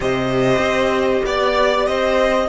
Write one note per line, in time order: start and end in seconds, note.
0.00 0.58 C3
0.00 2.48 G4
0.00 1.25 C5
0.00 1.25 D#5
0.58 1.20 C4
1.25 1.88 B3
1.25 1.86 D5
1.25 1.88 D5
1.86 2.49 C4
1.86 2.49 C5
1.86 2.49 D#5